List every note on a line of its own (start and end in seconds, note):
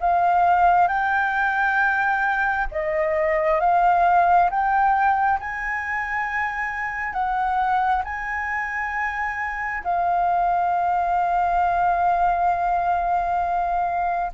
0.00 0.88 F5
0.88 2.67 G5
2.71 3.60 D#5
3.60 4.49 F5
4.50 5.39 G5
5.39 7.13 G#5
7.13 8.02 F#5
8.04 9.83 G#5
9.84 14.32 F5